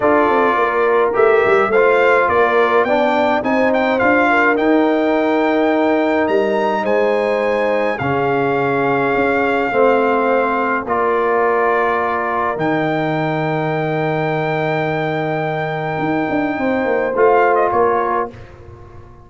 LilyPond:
<<
  \new Staff \with { instrumentName = "trumpet" } { \time 4/4 \tempo 4 = 105 d''2 e''4 f''4 | d''4 g''4 gis''8 g''8 f''4 | g''2. ais''4 | gis''2 f''2~ |
f''2. d''4~ | d''2 g''2~ | g''1~ | g''2 f''8. dis''16 cis''4 | }
  \new Staff \with { instrumentName = "horn" } { \time 4/4 a'4 ais'2 c''4 | ais'4 d''4 c''4. ais'8~ | ais'1 | c''2 gis'2~ |
gis'4 c''2 ais'4~ | ais'1~ | ais'1~ | ais'4 c''2 ais'4 | }
  \new Staff \with { instrumentName = "trombone" } { \time 4/4 f'2 g'4 f'4~ | f'4 d'4 dis'4 f'4 | dis'1~ | dis'2 cis'2~ |
cis'4 c'2 f'4~ | f'2 dis'2~ | dis'1~ | dis'2 f'2 | }
  \new Staff \with { instrumentName = "tuba" } { \time 4/4 d'8 c'8 ais4 a8 g8 a4 | ais4 b4 c'4 d'4 | dis'2. g4 | gis2 cis2 |
cis'4 a2 ais4~ | ais2 dis2~ | dis1 | dis'8 d'8 c'8 ais8 a4 ais4 | }
>>